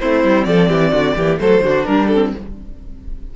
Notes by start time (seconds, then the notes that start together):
0.00 A3 C4 E4 C5
0.24 G3
0.44 F3 A4 D5
0.69 E3 G4
0.91 D3 F#4
1.16 E3 A#3 G4
1.38 F#3 A3 A4 C5
1.61 D3 F#4
1.67 D4
1.85 G3 D4 A#4
2.08 C4 A4